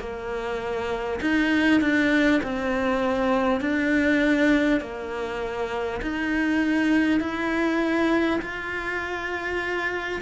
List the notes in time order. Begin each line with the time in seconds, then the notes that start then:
0.00 A#3
1.21 D#4
1.81 D4
2.43 C4
3.61 D4
4.81 A#3
6.02 D#4
7.21 E4
8.42 F4